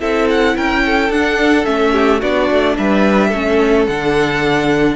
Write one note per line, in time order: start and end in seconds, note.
0.00 0.56 C4
0.00 1.10 E4
0.00 0.56 A4
0.00 0.28 E5
0.31 0.58 F#5
0.56 1.10 C#4
0.56 0.84 A#4
0.56 1.12 G5
0.86 1.93 A4
1.10 1.65 D4
1.10 1.66 F#5
1.65 2.23 A3
1.65 2.21 C#4
1.65 2.21 E5
1.93 2.20 G4
2.20 2.50 B3
2.20 3.33 D4
2.20 2.75 F#4
2.20 2.77 D5
2.51 2.78 A3
2.78 3.33 G3
2.78 3.28 B4
2.78 3.87 E5
3.28 3.88 A3
3.28 4.94 A4
3.35 3.90 C#4
3.87 4.96 D3
3.87 4.96 D4
3.87 4.96 F#5